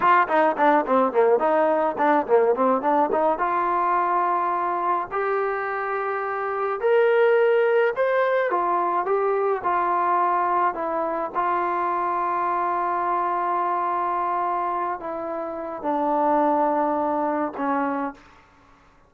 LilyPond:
\new Staff \with { instrumentName = "trombone" } { \time 4/4 \tempo 4 = 106 f'8 dis'8 d'8 c'8 ais8 dis'4 d'8 | ais8 c'8 d'8 dis'8 f'2~ | f'4 g'2. | ais'2 c''4 f'4 |
g'4 f'2 e'4 | f'1~ | f'2~ f'8 e'4. | d'2. cis'4 | }